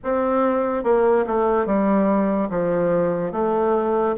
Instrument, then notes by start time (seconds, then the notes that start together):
bassoon
0.03 C4
0.83 A#3
1.27 A3
1.66 G3
2.49 F3
3.32 A3